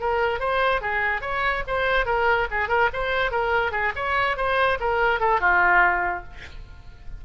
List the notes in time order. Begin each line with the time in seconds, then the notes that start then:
0.00 A#4
0.39 C5
0.81 G#4
1.21 C#5
1.67 C5
2.05 A#4
2.51 G#4
2.68 A#4
2.93 C5
3.31 A#4
3.72 G#4
3.96 C#5
4.37 C5
4.80 A#4
5.20 A4
5.40 F4